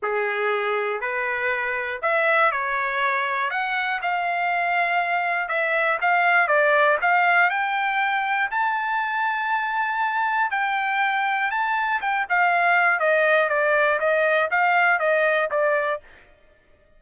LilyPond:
\new Staff \with { instrumentName = "trumpet" } { \time 4/4 \tempo 4 = 120 gis'2 b'2 | e''4 cis''2 fis''4 | f''2. e''4 | f''4 d''4 f''4 g''4~ |
g''4 a''2.~ | a''4 g''2 a''4 | g''8 f''4. dis''4 d''4 | dis''4 f''4 dis''4 d''4 | }